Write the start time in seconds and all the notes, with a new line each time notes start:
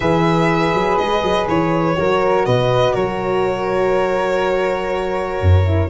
0.00 E3 G#4 B4 E5
0.73 F#3
0.97 G#3 D#5
1.22 F#3
1.48 E3 C#5
1.95 F#3 F#4 A#4
2.45 B2 B4 D#5
2.94 F#3 A#4 C#5
5.40 F#2
5.64 E4